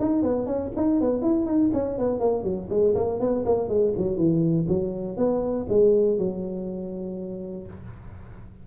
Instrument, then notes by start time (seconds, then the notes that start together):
tuba
0.00 D#4
0.23 B3
0.46 C#4
0.76 D#4
1.01 B3
1.22 E4
1.46 D#4
1.74 C#4
1.99 B3
2.20 A#3
2.44 F#3
2.70 G#3
2.95 A#3
3.20 B3
3.46 A#3
3.69 G#3
3.97 F#3
4.17 E3
4.68 F#3
5.17 B3
5.69 G#3
6.19 F#3